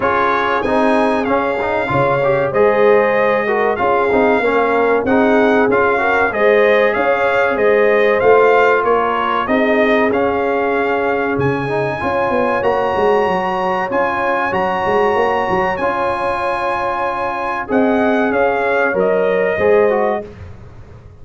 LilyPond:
<<
  \new Staff \with { instrumentName = "trumpet" } { \time 4/4 \tempo 4 = 95 cis''4 gis''4 f''2 | dis''2 f''2 | fis''4 f''4 dis''4 f''4 | dis''4 f''4 cis''4 dis''4 |
f''2 gis''2 | ais''2 gis''4 ais''4~ | ais''4 gis''2. | fis''4 f''4 dis''2 | }
  \new Staff \with { instrumentName = "horn" } { \time 4/4 gis'2. cis''4 | c''4. ais'8 gis'4 ais'4 | gis'4. ais'8 c''4 cis''4 | c''2 ais'4 gis'4~ |
gis'2. cis''4~ | cis''1~ | cis''1 | dis''4 cis''2 c''4 | }
  \new Staff \with { instrumentName = "trombone" } { \time 4/4 f'4 dis'4 cis'8 dis'8 f'8 g'8 | gis'4. fis'8 f'8 dis'8 cis'4 | dis'4 f'8 fis'8 gis'2~ | gis'4 f'2 dis'4 |
cis'2~ cis'8 dis'8 f'4 | fis'2 f'4 fis'4~ | fis'4 f'2. | gis'2 ais'4 gis'8 fis'8 | }
  \new Staff \with { instrumentName = "tuba" } { \time 4/4 cis'4 c'4 cis'4 cis4 | gis2 cis'8 c'8 ais4 | c'4 cis'4 gis4 cis'4 | gis4 a4 ais4 c'4 |
cis'2 cis4 cis'8 b8 | ais8 gis8 fis4 cis'4 fis8 gis8 | ais8 fis8 cis'2. | c'4 cis'4 fis4 gis4 | }
>>